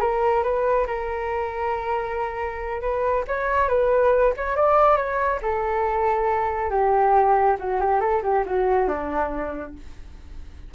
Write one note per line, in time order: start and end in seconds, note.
0.00 0.43 A#4
0.43 0.86 B4
0.87 2.81 A#4
2.81 3.24 B4
3.27 3.68 C#5
3.68 4.33 B4
4.37 4.56 C#5
4.56 4.96 D5
4.96 5.40 C#5
5.42 6.70 A4
6.70 7.57 G4
7.59 7.80 F#4
7.80 8.00 G4
8.00 8.22 A4
8.23 8.44 G4
8.46 8.88 F#4
8.88 9.74 D4